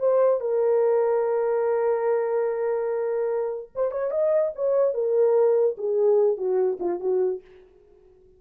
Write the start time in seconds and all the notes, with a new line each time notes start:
0.00 C5
0.41 A#4
3.76 C5
3.92 C#5
4.11 D#5
4.55 C#5
4.94 A#4
5.78 G#4
6.37 F#4
6.80 F4
7.00 F#4